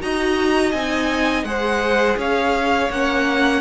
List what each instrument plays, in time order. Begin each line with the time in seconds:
0.00 cello D#4, viola F#4, violin D#5 A#5
0.71 cello C4, viola D#4, violin G#5
1.43 cello G#3, viola G#4, violin C5 F#5
2.17 cello C#4, violin C#5 F5
2.89 cello A#3, viola C#4, violin F#5